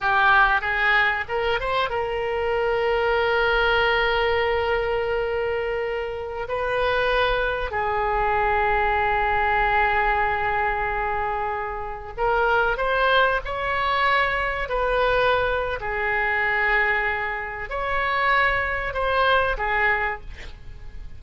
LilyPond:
\new Staff \with { instrumentName = "oboe" } { \time 4/4 \tempo 4 = 95 g'4 gis'4 ais'8 c''8 ais'4~ | ais'1~ | ais'2~ ais'16 b'4.~ b'16~ | b'16 gis'2.~ gis'8.~ |
gis'2.~ gis'16 ais'8.~ | ais'16 c''4 cis''2 b'8.~ | b'4 gis'2. | cis''2 c''4 gis'4 | }